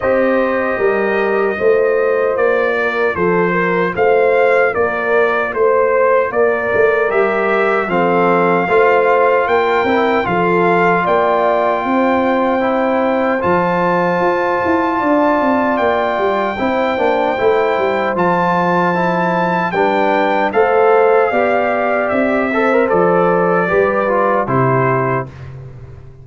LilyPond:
<<
  \new Staff \with { instrumentName = "trumpet" } { \time 4/4 \tempo 4 = 76 dis''2. d''4 | c''4 f''4 d''4 c''4 | d''4 e''4 f''2 | g''4 f''4 g''2~ |
g''4 a''2. | g''2. a''4~ | a''4 g''4 f''2 | e''4 d''2 c''4 | }
  \new Staff \with { instrumentName = "horn" } { \time 4/4 c''4 ais'4 c''4. ais'8 | a'8 ais'8 c''4 ais'4 c''4 | ais'2 a'4 c''4 | ais'4 a'4 d''4 c''4~ |
c''2. d''4~ | d''4 c''2.~ | c''4 b'4 c''4 d''4~ | d''8 c''4. b'4 g'4 | }
  \new Staff \with { instrumentName = "trombone" } { \time 4/4 g'2 f'2~ | f'1~ | f'4 g'4 c'4 f'4~ | f'8 e'8 f'2. |
e'4 f'2.~ | f'4 e'8 d'8 e'4 f'4 | e'4 d'4 a'4 g'4~ | g'8 a'16 ais'16 a'4 g'8 f'8 e'4 | }
  \new Staff \with { instrumentName = "tuba" } { \time 4/4 c'4 g4 a4 ais4 | f4 a4 ais4 a4 | ais8 a8 g4 f4 a4 | ais8 c'8 f4 ais4 c'4~ |
c'4 f4 f'8 e'8 d'8 c'8 | ais8 g8 c'8 ais8 a8 g8 f4~ | f4 g4 a4 b4 | c'4 f4 g4 c4 | }
>>